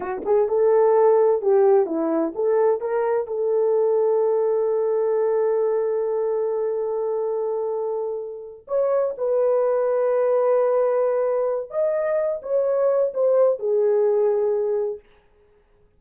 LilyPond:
\new Staff \with { instrumentName = "horn" } { \time 4/4 \tempo 4 = 128 fis'8 gis'8 a'2 g'4 | e'4 a'4 ais'4 a'4~ | a'1~ | a'1~ |
a'2~ a'8 cis''4 b'8~ | b'1~ | b'4 dis''4. cis''4. | c''4 gis'2. | }